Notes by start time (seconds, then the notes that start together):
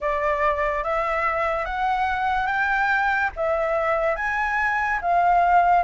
0.00 D5
0.83 E5
1.65 F#5
2.47 G5
3.35 E5
4.16 G#5
5.01 F5